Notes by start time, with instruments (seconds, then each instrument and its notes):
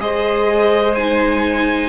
0.00 cello G#3, viola G#4, violin C5 D#5
0.95 viola D#4, violin G#5